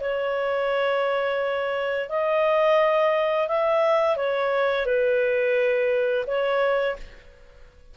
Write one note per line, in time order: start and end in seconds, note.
0.00 2.09 C#5
2.09 3.48 D#5
3.48 4.17 E5
4.17 4.86 C#5
4.86 6.25 B4
6.27 6.97 C#5